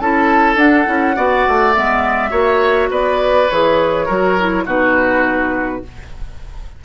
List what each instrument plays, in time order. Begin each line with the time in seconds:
0.00 bassoon C#4, clarinet E4, oboe A4, flute A5
0.56 bassoon D4, clarinet D4, flute F#5
0.86 bassoon C#4, clarinet E4
1.16 bassoon B3, clarinet F#4, oboe D5
1.48 bassoon A3
1.74 bassoon G#3, clarinet B3, flute E5
2.31 bassoon A#3, clarinet F#4, oboe C#5
2.90 bassoon B3, oboe B4, flute D5
3.50 bassoon E3, clarinet G#4, flute C#5
4.06 bassoon F#3, clarinet F#4, oboe A#4
4.40 clarinet E4
4.66 bassoon B2, clarinet D#4, oboe F#4, flute B4